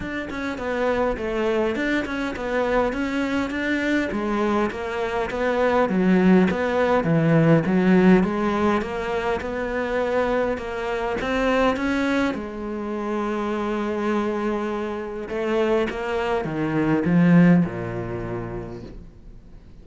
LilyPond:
\new Staff \with { instrumentName = "cello" } { \time 4/4 \tempo 4 = 102 d'8 cis'8 b4 a4 d'8 cis'8 | b4 cis'4 d'4 gis4 | ais4 b4 fis4 b4 | e4 fis4 gis4 ais4 |
b2 ais4 c'4 | cis'4 gis2.~ | gis2 a4 ais4 | dis4 f4 ais,2 | }